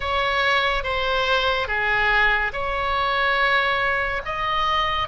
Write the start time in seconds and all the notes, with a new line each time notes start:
0.00 C#5
0.83 C5
1.67 G#4
2.52 C#5
4.25 D#5